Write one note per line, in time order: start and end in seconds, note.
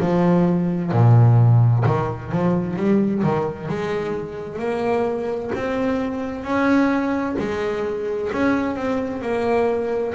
0.00 0.91 F3
0.91 1.84 A#2
1.85 2.32 D#3
2.32 2.76 F3
2.76 3.22 G3
3.23 3.68 D#3
3.68 4.59 G#3
4.59 5.51 A#3
5.55 6.44 C4
6.44 7.36 C#4
7.38 8.31 G#3
8.32 8.76 C#4
8.76 9.22 C4
9.22 10.14 A#3